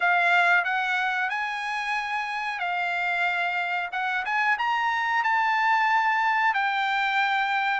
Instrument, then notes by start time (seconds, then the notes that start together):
trumpet
0.00 F5
0.64 F#5
1.29 G#5
2.59 F5
3.92 F#5
4.25 G#5
4.58 A#5
5.23 A5
6.54 G5